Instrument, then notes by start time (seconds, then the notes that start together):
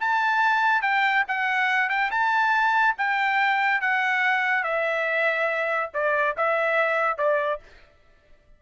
trumpet
0.00 A5
0.82 G5
1.28 F#5
1.89 G5
2.11 A5
2.98 G5
3.81 F#5
4.63 E5
5.94 D5
6.37 E5
7.18 D5